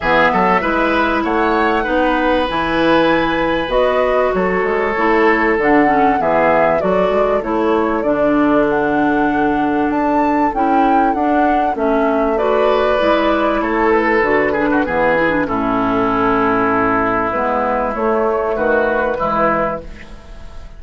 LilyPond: <<
  \new Staff \with { instrumentName = "flute" } { \time 4/4 \tempo 4 = 97 e''2 fis''2 | gis''2 dis''4 cis''4~ | cis''4 fis''4 e''4 d''4 | cis''4 d''4 fis''2 |
a''4 g''4 fis''4 e''4 | d''2 cis''8 b'4.~ | b'4 a'2. | b'4 cis''4 b'2 | }
  \new Staff \with { instrumentName = "oboe" } { \time 4/4 gis'8 a'8 b'4 cis''4 b'4~ | b'2. a'4~ | a'2 gis'4 a'4~ | a'1~ |
a'1 | b'2 a'4. gis'16 fis'16 | gis'4 e'2.~ | e'2 fis'4 e'4 | }
  \new Staff \with { instrumentName = "clarinet" } { \time 4/4 b4 e'2 dis'4 | e'2 fis'2 | e'4 d'8 cis'8 b4 fis'4 | e'4 d'2.~ |
d'4 e'4 d'4 cis'4 | fis'4 e'2 fis'8 d'8 | b8 e'16 d'16 cis'2. | b4 a2 gis4 | }
  \new Staff \with { instrumentName = "bassoon" } { \time 4/4 e8 fis8 gis4 a4 b4 | e2 b4 fis8 gis8 | a4 d4 e4 fis8 gis8 | a4 d2. |
d'4 cis'4 d'4 a4~ | a4 gis4 a4 d4 | e4 a,2. | gis4 a4 dis4 e4 | }
>>